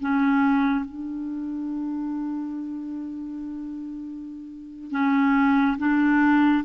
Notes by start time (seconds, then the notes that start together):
0.00 C#4
0.85 D4
4.91 C#4
5.78 D4